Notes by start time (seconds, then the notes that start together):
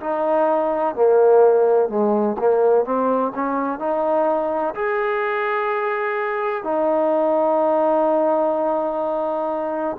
0.00 D#4
0.95 A#3
1.88 G#3
2.38 A#3
2.84 C4
3.34 C#4
3.79 D#4
4.74 G#4
6.63 D#4